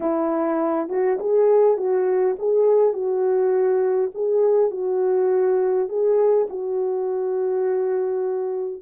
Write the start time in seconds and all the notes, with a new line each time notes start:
0.00 E4
0.88 F#4
1.19 G#4
1.77 F#4
2.38 G#4
2.93 F#4
4.14 G#4
4.71 F#4
5.89 G#4
6.49 F#4